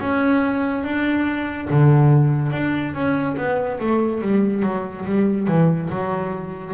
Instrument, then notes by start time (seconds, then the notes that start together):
double bass
0.00 C#4
0.84 D4
1.70 D3
2.52 D4
2.94 C#4
3.37 B3
3.80 A3
4.21 G3
4.63 F#3
5.06 G3
5.47 E3
5.90 F#3